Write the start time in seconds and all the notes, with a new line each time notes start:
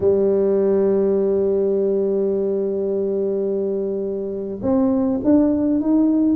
0.00 G3
4.62 C4
5.24 D4
5.80 D#4